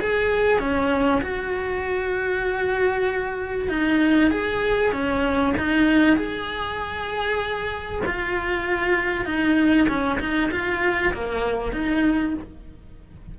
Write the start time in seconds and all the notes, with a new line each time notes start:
0.00 G#4
0.60 C#4
1.22 F#4
3.69 D#4
4.31 G#4
4.92 C#4
5.58 D#4
6.17 G#4
8.06 F4
9.26 D#4
9.89 C#4
10.19 D#4
10.52 F4
11.14 A#3
11.73 D#4